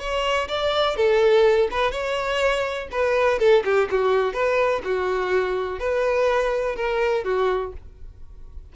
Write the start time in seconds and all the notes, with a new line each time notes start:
0.00 C#5
0.49 D5
0.97 A4
1.71 B4
1.92 C#5
2.92 B4
3.40 A4
3.65 G4
3.91 F#4
4.34 B4
4.85 F#4
5.80 B4
6.76 A#4
7.24 F#4